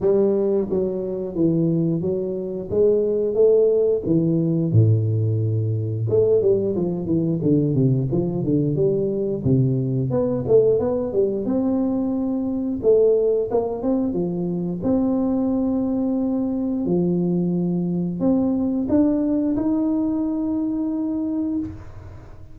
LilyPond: \new Staff \with { instrumentName = "tuba" } { \time 4/4 \tempo 4 = 89 g4 fis4 e4 fis4 | gis4 a4 e4 a,4~ | a,4 a8 g8 f8 e8 d8 c8 | f8 d8 g4 c4 b8 a8 |
b8 g8 c'2 a4 | ais8 c'8 f4 c'2~ | c'4 f2 c'4 | d'4 dis'2. | }